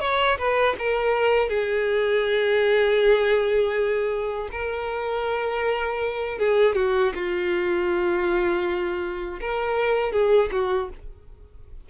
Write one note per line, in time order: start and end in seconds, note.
0.00 0.38 C#5
0.38 0.75 B4
0.79 1.49 A#4
1.49 4.49 G#4
4.51 6.39 A#4
6.39 6.75 G#4
6.75 7.12 F#4
7.15 9.40 F4
9.41 10.12 A#4
10.12 10.50 G#4
10.52 10.89 F#4